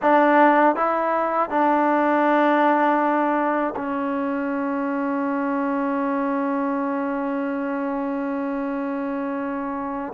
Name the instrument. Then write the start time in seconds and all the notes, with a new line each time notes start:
trombone
0.02 D4
0.75 E4
1.49 D4
3.75 C#4